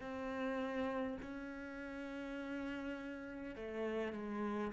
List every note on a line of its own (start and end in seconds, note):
0.00 1.18 C4
1.22 3.55 C#4
3.55 4.12 A3
4.12 4.71 G#3